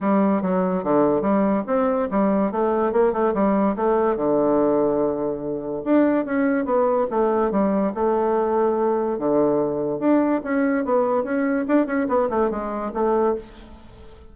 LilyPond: \new Staff \with { instrumentName = "bassoon" } { \time 4/4 \tempo 4 = 144 g4 fis4 d4 g4 | c'4 g4 a4 ais8 a8 | g4 a4 d2~ | d2 d'4 cis'4 |
b4 a4 g4 a4~ | a2 d2 | d'4 cis'4 b4 cis'4 | d'8 cis'8 b8 a8 gis4 a4 | }